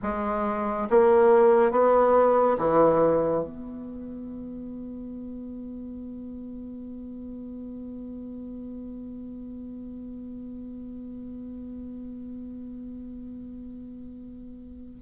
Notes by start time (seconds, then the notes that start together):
0.02 G#3
0.90 A#3
1.71 B3
2.58 E3
3.43 B3